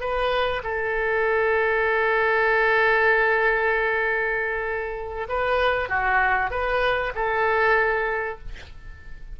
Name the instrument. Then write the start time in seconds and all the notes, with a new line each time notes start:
oboe
0.00 B4
0.63 A4
5.28 B4
5.88 F#4
6.50 B4
7.15 A4